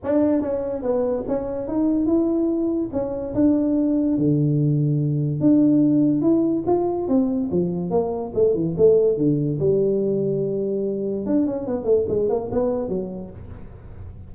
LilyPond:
\new Staff \with { instrumentName = "tuba" } { \time 4/4 \tempo 4 = 144 d'4 cis'4 b4 cis'4 | dis'4 e'2 cis'4 | d'2 d2~ | d4 d'2 e'4 |
f'4 c'4 f4 ais4 | a8 e8 a4 d4 g4~ | g2. d'8 cis'8 | b8 a8 gis8 ais8 b4 fis4 | }